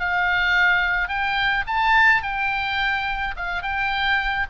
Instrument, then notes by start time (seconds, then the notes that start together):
oboe
0.00 F5
1.09 G5
1.67 A5
2.23 G5
3.37 F5
3.63 G5